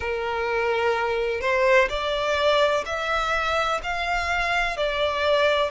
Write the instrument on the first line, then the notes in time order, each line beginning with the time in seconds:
violin
0.00 A#4
1.40 C5
1.89 D5
2.85 E5
3.83 F5
4.76 D5